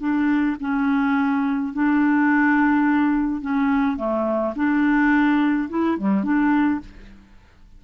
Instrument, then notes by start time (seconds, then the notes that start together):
clarinet
0.00 D4
0.60 C#4
1.73 D4
3.41 C#4
3.97 A3
4.56 D4
5.69 E4
5.98 G3
6.24 D4